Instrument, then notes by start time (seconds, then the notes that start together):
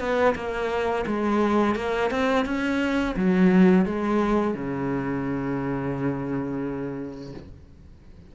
cello
0.00 B3
0.36 A#3
1.07 G#3
1.76 A#3
2.11 C4
2.46 C#4
3.16 F#3
3.86 G#3
4.54 C#3